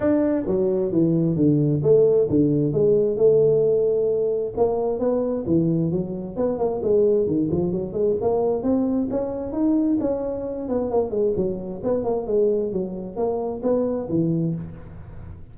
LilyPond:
\new Staff \with { instrumentName = "tuba" } { \time 4/4 \tempo 4 = 132 d'4 fis4 e4 d4 | a4 d4 gis4 a4~ | a2 ais4 b4 | e4 fis4 b8 ais8 gis4 |
dis8 f8 fis8 gis8 ais4 c'4 | cis'4 dis'4 cis'4. b8 | ais8 gis8 fis4 b8 ais8 gis4 | fis4 ais4 b4 e4 | }